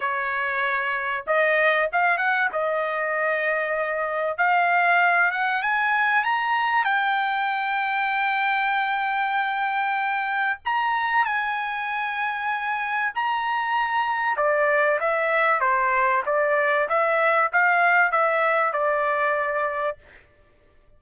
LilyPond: \new Staff \with { instrumentName = "trumpet" } { \time 4/4 \tempo 4 = 96 cis''2 dis''4 f''8 fis''8 | dis''2. f''4~ | f''8 fis''8 gis''4 ais''4 g''4~ | g''1~ |
g''4 ais''4 gis''2~ | gis''4 ais''2 d''4 | e''4 c''4 d''4 e''4 | f''4 e''4 d''2 | }